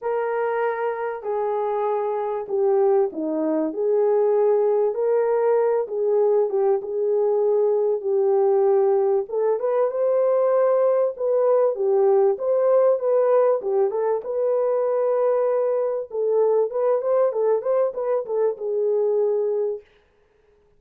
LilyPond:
\new Staff \with { instrumentName = "horn" } { \time 4/4 \tempo 4 = 97 ais'2 gis'2 | g'4 dis'4 gis'2 | ais'4. gis'4 g'8 gis'4~ | gis'4 g'2 a'8 b'8 |
c''2 b'4 g'4 | c''4 b'4 g'8 a'8 b'4~ | b'2 a'4 b'8 c''8 | a'8 c''8 b'8 a'8 gis'2 | }